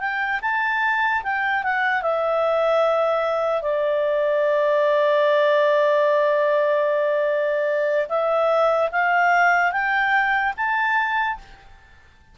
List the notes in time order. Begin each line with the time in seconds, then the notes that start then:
0.00 G5
0.42 A5
1.24 G5
1.64 F#5
2.02 E5
3.62 D5
8.09 E5
8.92 F5
9.73 G5
10.57 A5